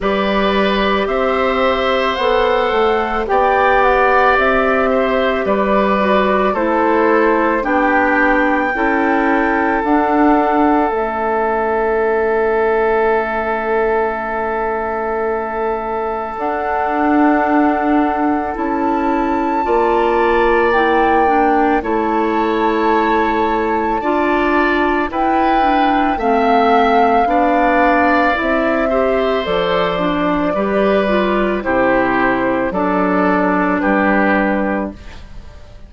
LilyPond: <<
  \new Staff \with { instrumentName = "flute" } { \time 4/4 \tempo 4 = 55 d''4 e''4 fis''4 g''8 fis''8 | e''4 d''4 c''4 g''4~ | g''4 fis''4 e''2~ | e''2. fis''4~ |
fis''4 a''2 g''4 | a''2. g''4 | f''2 e''4 d''4~ | d''4 c''4 d''4 b'4 | }
  \new Staff \with { instrumentName = "oboe" } { \time 4/4 b'4 c''2 d''4~ | d''8 c''8 b'4 a'4 g'4 | a'1~ | a'1~ |
a'2 d''2 | cis''2 d''4 b'4 | e''4 d''4. c''4. | b'4 g'4 a'4 g'4 | }
  \new Staff \with { instrumentName = "clarinet" } { \time 4/4 g'2 a'4 g'4~ | g'4. fis'8 e'4 d'4 | e'4 d'4 cis'2~ | cis'2. d'4~ |
d'4 e'4 f'4 e'8 d'8 | e'2 f'4 e'8 d'8 | c'4 d'4 e'8 g'8 a'8 d'8 | g'8 f'8 e'4 d'2 | }
  \new Staff \with { instrumentName = "bassoon" } { \time 4/4 g4 c'4 b8 a8 b4 | c'4 g4 a4 b4 | cis'4 d'4 a2~ | a2. d'4~ |
d'4 cis'4 ais2 | a2 d'4 e'4 | a4 b4 c'4 f4 | g4 c4 fis4 g4 | }
>>